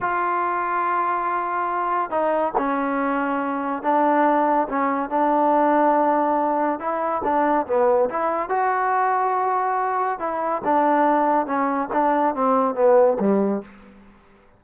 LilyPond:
\new Staff \with { instrumentName = "trombone" } { \time 4/4 \tempo 4 = 141 f'1~ | f'4 dis'4 cis'2~ | cis'4 d'2 cis'4 | d'1 |
e'4 d'4 b4 e'4 | fis'1 | e'4 d'2 cis'4 | d'4 c'4 b4 g4 | }